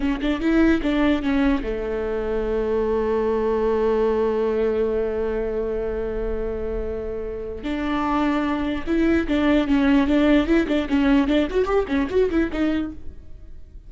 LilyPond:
\new Staff \with { instrumentName = "viola" } { \time 4/4 \tempo 4 = 149 cis'8 d'8 e'4 d'4 cis'4 | a1~ | a1~ | a1~ |
a2. d'4~ | d'2 e'4 d'4 | cis'4 d'4 e'8 d'8 cis'4 | d'8 fis'8 g'8 cis'8 fis'8 e'8 dis'4 | }